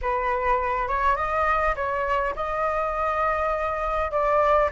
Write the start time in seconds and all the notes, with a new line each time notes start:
0.01 B4
0.87 C#5
1.16 D#5
1.75 C#5
2.35 D#5
4.11 D5